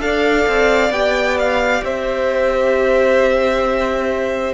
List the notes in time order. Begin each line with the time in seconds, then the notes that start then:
0.00 D4 A4 D5 F5
0.47 C4
0.90 B3 G4 G5
1.38 F5
1.83 C4 C5 E5